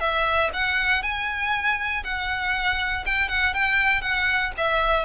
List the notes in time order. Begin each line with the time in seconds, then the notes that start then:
0.00 E5
0.53 F#5
1.02 G#5
2.04 F#5
3.06 G5
3.29 F#5
3.54 G5
4.02 F#5
4.57 E5